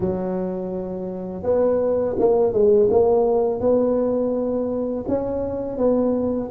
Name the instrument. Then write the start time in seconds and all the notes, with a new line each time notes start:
tuba
0.00 F#3
1.43 B3
2.19 A#3
2.53 G#3
2.90 A#3
3.60 B3
5.08 C#4
5.77 B3